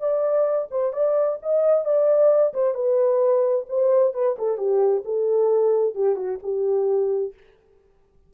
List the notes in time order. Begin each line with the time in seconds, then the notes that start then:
0.00 D5
0.71 C5
0.93 D5
1.42 D#5
1.85 D5
2.54 C5
2.74 B4
3.69 C5
4.14 B4
4.38 A4
4.58 G4
5.05 A4
5.95 G4
6.16 F#4
6.43 G4